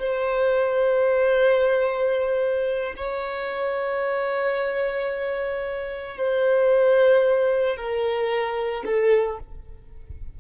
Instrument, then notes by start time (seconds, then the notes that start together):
violin
0.00 C5
2.97 C#5
6.18 C5
7.77 A#4
8.85 A4